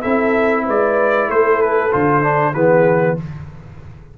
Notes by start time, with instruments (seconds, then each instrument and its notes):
0.00 tuba C4, trombone E4, horn A4, trumpet E5
0.65 tuba G#3, horn B4, trumpet D5
1.28 tuba A3, horn A4, trumpet C5
1.61 trumpet B4
1.91 tuba D3, trombone F4, trumpet C5
2.22 trombone D4
2.53 tuba E3, trombone B3, horn G#4, trumpet B4